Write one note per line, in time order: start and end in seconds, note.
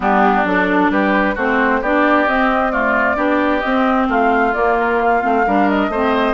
0.00 0.44 G3
0.00 0.45 B3
0.00 0.91 D4
0.00 0.47 G4
0.44 0.90 F#3
0.44 1.36 D4
0.44 0.91 A4
0.90 1.36 G3
0.90 1.35 G4
0.90 1.36 B4
1.35 1.81 A3
1.35 1.83 C4
1.35 1.80 F#4
1.35 1.83 C5
1.81 2.27 B3
1.81 2.27 D4
1.81 2.72 G4
1.81 2.28 D5
2.27 3.16 C4
2.27 2.71 C4
2.27 2.71 D#5
2.71 3.15 A3
2.71 3.16 F4
2.71 3.60 D5
3.15 3.62 B3
3.15 3.61 D4
3.15 4.07 G4
3.60 4.08 C4
3.60 4.53 C4
3.60 4.05 D#5
4.08 4.53 A3
4.08 5.45 F4
4.08 4.53 F5
4.53 5.21 A#3
4.53 5.23 A#3
4.53 4.76 D5
4.79 5.02 A#4
5.02 5.69 F5
5.21 5.46 A3
5.21 5.43 C4
5.46 5.88 G3
5.46 5.92 D4
5.46 5.91 A#4
5.69 6.33 D#5
5.88 6.33 A3
5.88 6.33 C4
5.88 6.33 C5